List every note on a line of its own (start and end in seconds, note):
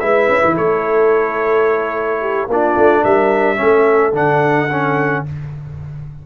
0.00 0.29 G#3
0.00 2.49 E4
0.00 0.55 B4
0.00 0.55 E5
0.29 0.43 C#4
0.45 0.59 E3
0.55 2.48 A3
0.55 2.20 A4
0.55 2.50 C#5
2.21 2.48 G4
2.48 2.75 A#3
2.48 3.56 D4
2.48 3.02 F4
2.48 3.04 D5
2.77 3.04 A3
3.02 3.60 G3
3.02 3.57 A#4
3.02 4.14 E5
3.56 4.13 A3
3.56 4.11 C#4
3.56 5.25 A4
4.13 5.23 D3
4.13 4.70 D4
4.13 5.26 F#5
4.71 5.26 C#4